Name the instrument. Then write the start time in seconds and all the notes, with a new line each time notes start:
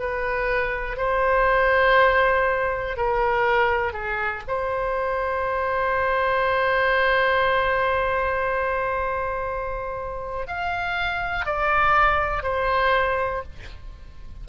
oboe
0.00 B4
0.97 C5
2.97 A#4
3.93 G#4
4.48 C5
10.48 F5
11.46 D5
12.43 C5